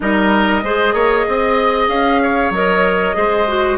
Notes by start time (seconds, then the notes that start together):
0.00 G3 D#4 A#4 D#5
0.63 G#3 G#4 C5
0.93 A#3 C#5
1.28 C4 D#5
1.88 C#4 F5
2.22 C#5
2.50 F#3 A#4 D#5
3.14 G#3 G#4 C5
3.47 F#4